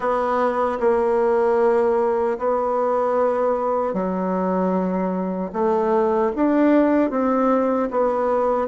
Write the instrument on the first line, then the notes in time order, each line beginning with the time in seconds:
bassoon
0.00 B3
0.80 A#3
2.38 B3
3.93 F#3
5.53 A3
6.35 D4
7.10 C4
7.90 B3